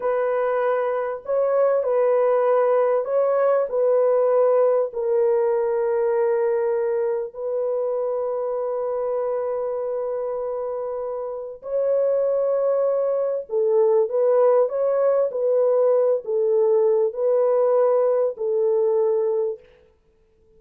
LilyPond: \new Staff \with { instrumentName = "horn" } { \time 4/4 \tempo 4 = 98 b'2 cis''4 b'4~ | b'4 cis''4 b'2 | ais'1 | b'1~ |
b'2. cis''4~ | cis''2 a'4 b'4 | cis''4 b'4. a'4. | b'2 a'2 | }